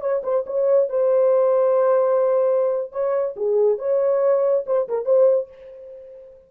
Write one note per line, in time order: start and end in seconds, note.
0.00 0.22 C#5
0.23 0.44 C5
0.46 0.89 C#5
0.89 2.92 C5
2.92 3.35 C#5
3.36 3.78 G#4
3.78 4.64 C#5
4.66 4.88 C5
4.88 5.05 A#4
5.05 5.48 C5